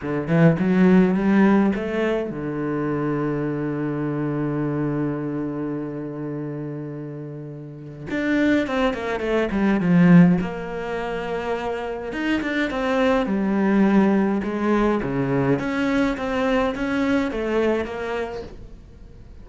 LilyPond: \new Staff \with { instrumentName = "cello" } { \time 4/4 \tempo 4 = 104 d8 e8 fis4 g4 a4 | d1~ | d1~ | d2 d'4 c'8 ais8 |
a8 g8 f4 ais2~ | ais4 dis'8 d'8 c'4 g4~ | g4 gis4 cis4 cis'4 | c'4 cis'4 a4 ais4 | }